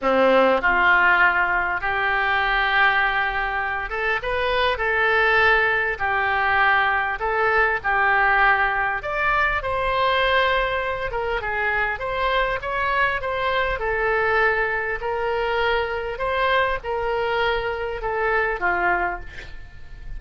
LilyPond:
\new Staff \with { instrumentName = "oboe" } { \time 4/4 \tempo 4 = 100 c'4 f'2 g'4~ | g'2~ g'8 a'8 b'4 | a'2 g'2 | a'4 g'2 d''4 |
c''2~ c''8 ais'8 gis'4 | c''4 cis''4 c''4 a'4~ | a'4 ais'2 c''4 | ais'2 a'4 f'4 | }